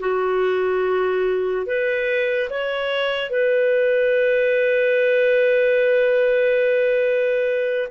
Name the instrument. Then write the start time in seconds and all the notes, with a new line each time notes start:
clarinet
0.00 F#4
1.66 B4
2.50 C#5
3.31 B4